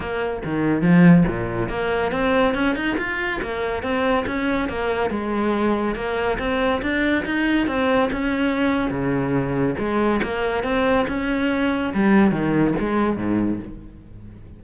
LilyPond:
\new Staff \with { instrumentName = "cello" } { \time 4/4 \tempo 4 = 141 ais4 dis4 f4 ais,4 | ais4 c'4 cis'8 dis'8 f'4 | ais4 c'4 cis'4 ais4 | gis2 ais4 c'4 |
d'4 dis'4 c'4 cis'4~ | cis'4 cis2 gis4 | ais4 c'4 cis'2 | g4 dis4 gis4 gis,4 | }